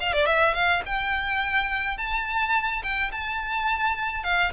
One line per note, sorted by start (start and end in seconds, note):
0.00 0.13 F5
0.13 0.26 D5
0.26 0.54 E5
0.54 0.82 F5
0.86 1.97 G5
1.97 2.82 A5
2.83 3.11 G5
3.12 4.23 A5
4.23 4.52 F5